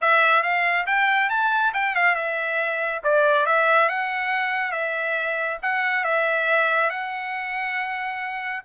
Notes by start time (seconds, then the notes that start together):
0.01 E5
0.42 F5
0.86 G5
1.29 A5
1.73 G5
1.95 F5
2.15 E5
3.03 D5
3.46 E5
3.88 F#5
4.71 E5
5.62 F#5
6.03 E5
6.90 F#5